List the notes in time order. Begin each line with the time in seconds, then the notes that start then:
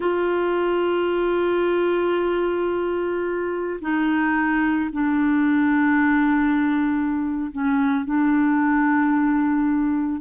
0.00 F4
3.81 D#4
4.92 D4
7.51 C#4
8.05 D4